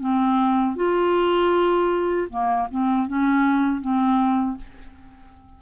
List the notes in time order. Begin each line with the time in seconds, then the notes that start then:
0.00 C4
0.76 F4
2.30 A#3
2.71 C4
3.08 C#4
3.81 C4